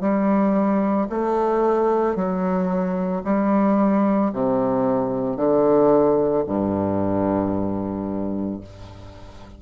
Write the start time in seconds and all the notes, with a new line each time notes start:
0.00 G3
1.09 A3
2.15 F#3
3.24 G3
4.32 C3
5.36 D3
6.46 G2